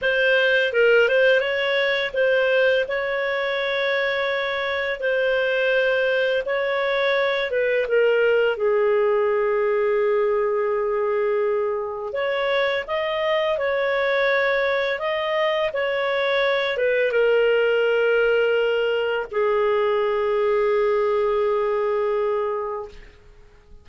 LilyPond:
\new Staff \with { instrumentName = "clarinet" } { \time 4/4 \tempo 4 = 84 c''4 ais'8 c''8 cis''4 c''4 | cis''2. c''4~ | c''4 cis''4. b'8 ais'4 | gis'1~ |
gis'4 cis''4 dis''4 cis''4~ | cis''4 dis''4 cis''4. b'8 | ais'2. gis'4~ | gis'1 | }